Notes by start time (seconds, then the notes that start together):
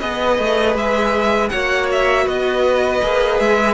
0.00 B3 G#4 B4 D#5
0.39 A3
0.75 G#3 E5
1.50 A#3 F#4 C#5 F#5
1.92 E5
2.25 B3 B4 D#5
3.03 A#3 G#4
3.40 G#3 E5